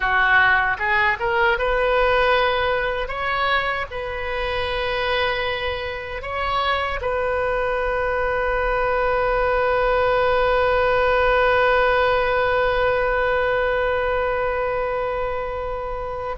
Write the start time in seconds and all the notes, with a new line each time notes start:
0.00 F#4
0.78 G#4
1.19 A#4
1.58 B4
3.08 C#5
3.91 B4
6.22 C#5
7.01 B4